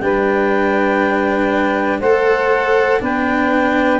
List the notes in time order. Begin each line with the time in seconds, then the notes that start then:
0.00 G3 D4 B4 G5
2.00 A3 A4 C5 F#5
3.00 B3 D4 B4 G5